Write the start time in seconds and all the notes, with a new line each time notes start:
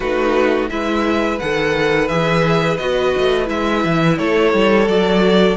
0.00 A3 D#4 F#4 B4
0.69 G#3 E4 B4 E5
1.39 D#3 A4 F#5
2.08 E3 G#4 E5
2.77 B3 F#4 D#5
3.17 A3
3.45 G#3 E4 E5
3.84 E3
4.18 A3 A4 C#5
4.53 G3
4.87 F#3 F#4 D5